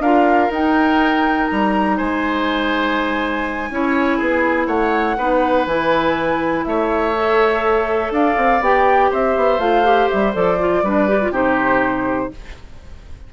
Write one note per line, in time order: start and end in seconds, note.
0.00 0.49 D4
0.00 0.52 F4
0.00 1.97 A#4
0.00 0.51 F5
0.51 1.49 D#4
0.51 3.72 D#4
0.51 1.47 G5
1.47 2.00 G3
1.47 1.97 A#5
1.97 3.70 G#3
1.97 3.69 C5
1.97 4.67 G#5
3.70 4.20 C#4
3.70 5.19 E4
3.70 4.18 C#5
4.18 4.67 B3
4.18 4.67 G#4
4.67 5.17 A3
4.67 5.17 C#5
4.67 5.66 F#5
5.18 5.66 B3
5.18 5.68 D#4
5.18 6.65 B4
5.66 6.65 E3
5.66 7.15 E4
5.66 6.65 G#5
6.65 8.11 A3
6.65 8.13 C#5
6.65 8.12 E5
7.15 8.63 A4
8.11 8.36 D4
8.11 9.11 D5
8.11 8.63 F5
8.37 8.61 C4
8.61 9.10 B3
8.61 9.60 G4
8.61 9.12 G5
9.11 9.37 C4
9.11 10.83 C5
9.11 9.60 E5
9.37 9.59 B3
9.59 10.08 A3
9.59 9.84 F4
9.59 10.10 F5
9.84 10.33 G4
10.10 10.35 G3
10.10 10.34 E5
10.34 10.83 F3
10.34 10.58 A4
10.34 11.34 D5
10.59 10.84 F4
10.83 11.31 G3
10.83 11.08 D4
10.83 11.32 B4
11.08 11.21 G4
11.22 11.33 F4
11.31 12.29 C3
11.31 12.32 D#4
11.31 12.30 G4
11.31 12.33 C5